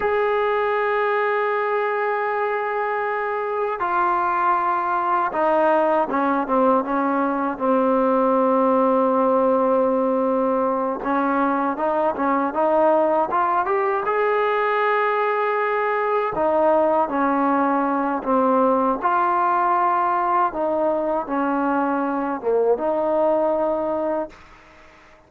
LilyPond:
\new Staff \with { instrumentName = "trombone" } { \time 4/4 \tempo 4 = 79 gis'1~ | gis'4 f'2 dis'4 | cis'8 c'8 cis'4 c'2~ | c'2~ c'8 cis'4 dis'8 |
cis'8 dis'4 f'8 g'8 gis'4.~ | gis'4. dis'4 cis'4. | c'4 f'2 dis'4 | cis'4. ais8 dis'2 | }